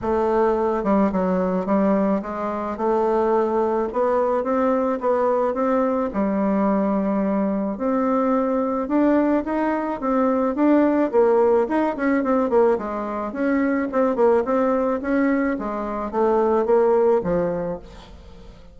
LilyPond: \new Staff \with { instrumentName = "bassoon" } { \time 4/4 \tempo 4 = 108 a4. g8 fis4 g4 | gis4 a2 b4 | c'4 b4 c'4 g4~ | g2 c'2 |
d'4 dis'4 c'4 d'4 | ais4 dis'8 cis'8 c'8 ais8 gis4 | cis'4 c'8 ais8 c'4 cis'4 | gis4 a4 ais4 f4 | }